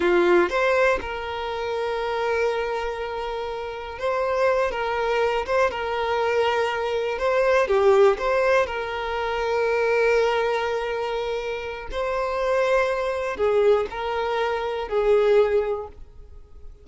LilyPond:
\new Staff \with { instrumentName = "violin" } { \time 4/4 \tempo 4 = 121 f'4 c''4 ais'2~ | ais'1 | c''4. ais'4. c''8 ais'8~ | ais'2~ ais'8 c''4 g'8~ |
g'8 c''4 ais'2~ ais'8~ | ais'1 | c''2. gis'4 | ais'2 gis'2 | }